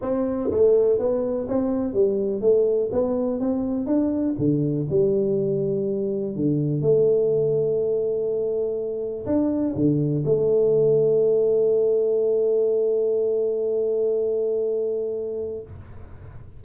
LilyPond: \new Staff \with { instrumentName = "tuba" } { \time 4/4 \tempo 4 = 123 c'4 a4 b4 c'4 | g4 a4 b4 c'4 | d'4 d4 g2~ | g4 d4 a2~ |
a2. d'4 | d4 a2.~ | a1~ | a1 | }